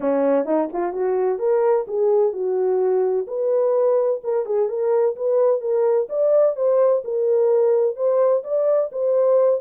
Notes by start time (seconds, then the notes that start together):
0.00 C#4
0.45 D#4
0.73 F4
0.93 F#4
1.38 A#4
1.87 G#4
2.32 F#4
3.27 B4
4.23 A#4
4.45 G#4
4.68 A#4
5.16 B4
5.60 A#4
6.09 D5
6.56 C5
7.04 A#4
7.96 C5
8.43 D5
8.91 C5